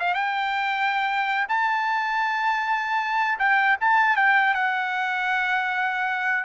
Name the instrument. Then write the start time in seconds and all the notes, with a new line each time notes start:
trumpet
0.00 F5
0.14 G5
1.49 A5
3.39 G5
3.81 A5
4.16 G5
4.55 F#5